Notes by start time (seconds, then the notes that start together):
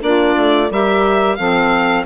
0.00 A#3 D4 F4 D5
0.36 A3
0.70 G3 G4 A#4 E5
1.36 F3 C4 A4 F5